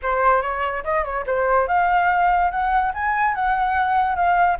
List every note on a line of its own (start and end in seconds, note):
0.02 0.42 C5
0.42 0.83 C#5
0.84 1.04 D#5
1.04 1.24 C#5
1.26 1.67 C5
1.67 2.50 F5
2.50 2.92 F#5
2.94 3.34 G#5
3.34 4.15 F#5
4.15 4.57 F5